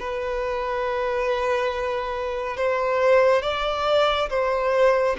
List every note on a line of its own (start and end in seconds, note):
0.00 2.57 B4
2.57 3.42 C5
3.42 4.29 D5
4.30 5.17 C5